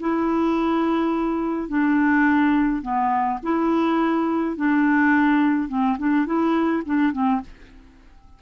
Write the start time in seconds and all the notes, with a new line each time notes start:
0.00 E4
1.68 D4
2.82 B3
3.43 E4
4.56 D4
5.69 C4
5.98 D4
6.26 E4
6.85 D4
7.12 C4